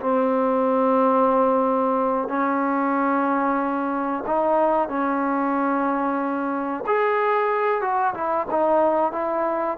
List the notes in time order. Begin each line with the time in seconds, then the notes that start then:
0.00 C4
2.28 C#4
4.26 D#4
4.89 C#4
6.87 G#4
7.81 F#4
8.14 E4
8.50 D#4
9.12 E4